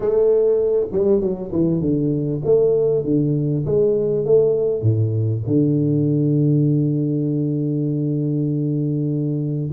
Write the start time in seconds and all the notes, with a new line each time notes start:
0.00 A3
0.91 G3
1.20 F#3
1.52 E3
1.80 D3
2.45 A3
3.04 D3
3.65 G#3
4.25 A3
4.82 A2
5.46 D3